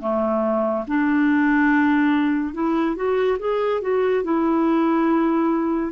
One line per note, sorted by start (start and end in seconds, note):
0.00 0.85 A3
0.87 2.54 D4
2.54 2.95 E4
2.95 3.38 F#4
3.39 3.81 G#4
3.81 4.23 F#4
4.23 5.92 E4